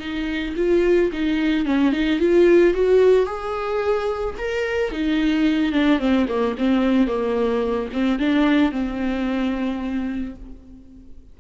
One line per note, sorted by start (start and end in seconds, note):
0.00 0.55 D#4
0.57 1.11 F4
1.13 1.66 D#4
1.66 1.93 C#4
1.93 2.20 D#4
2.20 2.74 F4
2.74 3.26 F#4
3.26 4.35 G#4
4.38 4.92 A#4
4.92 5.73 D#4
5.73 5.99 D4
5.99 6.27 C4
6.29 6.56 A#3
6.59 7.08 C4
7.08 7.89 A#3
7.93 8.20 C4
8.20 8.72 D4
8.72 10.35 C4